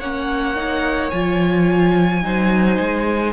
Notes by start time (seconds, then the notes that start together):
0.00 A#3 C#4 C#5 F#5
0.56 D#4
1.10 F3 F4 G#5
2.22 F#3 D#4 C5
2.79 G#3